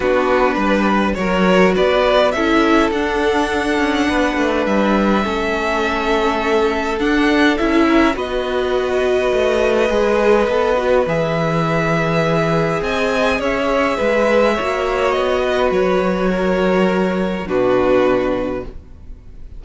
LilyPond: <<
  \new Staff \with { instrumentName = "violin" } { \time 4/4 \tempo 4 = 103 b'2 cis''4 d''4 | e''4 fis''2. | e''1 | fis''4 e''4 dis''2~ |
dis''2. e''4~ | e''2 gis''4 e''4~ | e''2 dis''4 cis''4~ | cis''2 b'2 | }
  \new Staff \with { instrumentName = "violin" } { \time 4/4 fis'4 b'4 ais'4 b'4 | a'2. b'4~ | b'4 a'2.~ | a'4. ais'8 b'2~ |
b'1~ | b'2 dis''4 cis''4 | b'4 cis''4. b'4. | ais'2 fis'2 | }
  \new Staff \with { instrumentName = "viola" } { \time 4/4 d'2 fis'2 | e'4 d'2.~ | d'4 cis'2. | d'4 e'4 fis'2~ |
fis'4 gis'4 a'8 fis'8 gis'4~ | gis'1~ | gis'4 fis'2.~ | fis'2 d'2 | }
  \new Staff \with { instrumentName = "cello" } { \time 4/4 b4 g4 fis4 b4 | cis'4 d'4. cis'8 b8 a8 | g4 a2. | d'4 cis'4 b2 |
a4 gis4 b4 e4~ | e2 c'4 cis'4 | gis4 ais4 b4 fis4~ | fis2 b,2 | }
>>